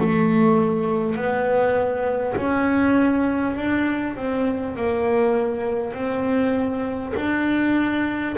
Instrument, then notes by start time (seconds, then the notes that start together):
double bass
0.00 A3
1.16 B3
2.36 C#4
3.57 D4
4.16 C4
4.76 A#3
5.94 C4
7.17 D4